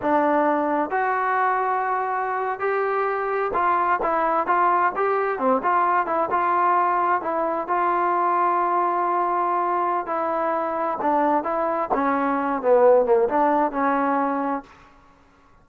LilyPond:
\new Staff \with { instrumentName = "trombone" } { \time 4/4 \tempo 4 = 131 d'2 fis'2~ | fis'4.~ fis'16 g'2 f'16~ | f'8. e'4 f'4 g'4 c'16~ | c'16 f'4 e'8 f'2 e'16~ |
e'8. f'2.~ f'16~ | f'2 e'2 | d'4 e'4 cis'4. b8~ | b8 ais8 d'4 cis'2 | }